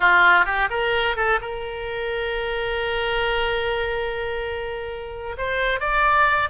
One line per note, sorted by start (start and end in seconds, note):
0.00 0.45 F4
0.45 0.68 G4
0.70 1.16 A#4
1.16 1.39 A4
1.41 5.36 A#4
5.37 5.80 C5
5.80 6.49 D5